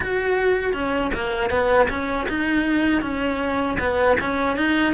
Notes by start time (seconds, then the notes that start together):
0.00 F#4
0.73 C#4
1.14 A#3
1.50 B3
1.89 C#4
2.29 D#4
3.01 C#4
3.78 B3
4.20 C#4
4.56 D#4